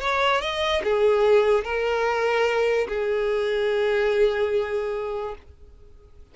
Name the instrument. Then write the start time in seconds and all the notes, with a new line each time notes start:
violin
0.00 C#5
0.41 D#5
0.83 G#4
1.64 A#4
2.88 G#4